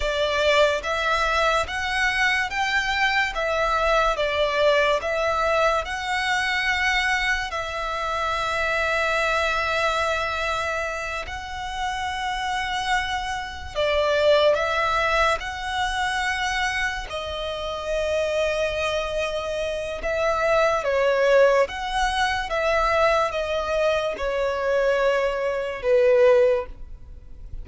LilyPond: \new Staff \with { instrumentName = "violin" } { \time 4/4 \tempo 4 = 72 d''4 e''4 fis''4 g''4 | e''4 d''4 e''4 fis''4~ | fis''4 e''2.~ | e''4. fis''2~ fis''8~ |
fis''8 d''4 e''4 fis''4.~ | fis''8 dis''2.~ dis''8 | e''4 cis''4 fis''4 e''4 | dis''4 cis''2 b'4 | }